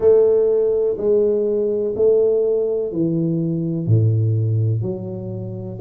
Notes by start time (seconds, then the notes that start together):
0.00 A3
0.97 G#3
1.96 A3
2.92 E3
3.86 A2
4.81 F#3